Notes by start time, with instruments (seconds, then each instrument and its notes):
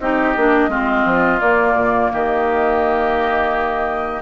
0.00 bassoon C4, clarinet D#4, oboe G4, flute D#5
0.36 bassoon A#3, clarinet D4
0.68 bassoon G#3, clarinet C4, oboe F4
1.05 bassoon F3
1.41 bassoon A#3, clarinet A#3, flute D5
1.75 bassoon A#2
2.13 bassoon D#3, oboe G4, flute D#5